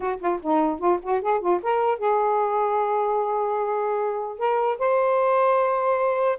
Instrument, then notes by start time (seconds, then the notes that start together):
saxophone
0.00 F#4
0.19 F4
0.42 D#4
0.79 F4
1.02 F#4
1.21 G#4
1.40 F4
1.62 A#4
1.98 G#4
4.38 A#4
4.78 C5